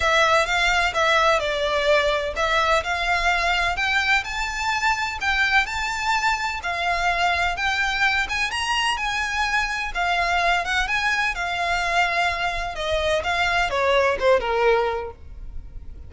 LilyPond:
\new Staff \with { instrumentName = "violin" } { \time 4/4 \tempo 4 = 127 e''4 f''4 e''4 d''4~ | d''4 e''4 f''2 | g''4 a''2 g''4 | a''2 f''2 |
g''4. gis''8 ais''4 gis''4~ | gis''4 f''4. fis''8 gis''4 | f''2. dis''4 | f''4 cis''4 c''8 ais'4. | }